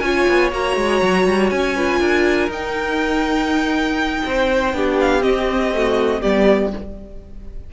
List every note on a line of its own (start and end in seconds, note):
0.00 0.26 C#4
0.00 0.52 F4
0.00 1.76 C#5
0.00 0.50 G#5
0.28 0.52 B3
0.52 0.76 A#3
0.52 1.76 F#4
0.52 1.50 A#5
0.76 1.01 G#3
1.02 1.26 F#3
1.26 1.51 G3
1.50 2.00 C#4
1.50 2.49 G#5
1.76 2.51 F4
1.76 2.00 B4
2.00 2.48 D4
2.00 4.23 A#4
2.48 4.22 D#4
2.48 4.74 D#4
2.48 5.00 G5
4.25 4.73 C4
4.25 4.76 C5
4.73 5.22 B3
4.73 5.21 D4
4.73 5.75 G4
5.00 5.22 F5
5.21 5.70 C4
5.21 6.21 C4
5.21 6.21 D#5
5.74 6.23 A3
5.74 6.21 F#4
6.21 6.73 G3
6.21 6.72 B3
6.21 6.70 G4
6.21 6.72 D5